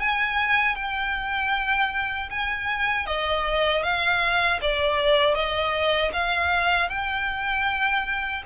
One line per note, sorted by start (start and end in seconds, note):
0.00 0.76 G#5
0.76 2.30 G5
2.30 3.07 G#5
3.07 3.84 D#5
3.84 4.60 F5
4.62 5.35 D5
5.35 6.12 D#5
6.13 6.90 F5
6.90 8.43 G5